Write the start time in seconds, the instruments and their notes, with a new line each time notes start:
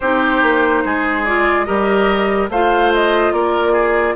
0.00 bassoon C4, clarinet D#4, oboe G4, flute C5
0.42 bassoon A#3
0.85 bassoon G#3, oboe G#4
1.24 clarinet F4, flute D5
1.64 bassoon G3, clarinet G4, oboe A#4, flute D#5
2.49 bassoon A3, clarinet F4, oboe C5, flute F5
2.93 flute D#5
3.31 bassoon A#3, oboe A#4, flute D5
3.72 oboe G#4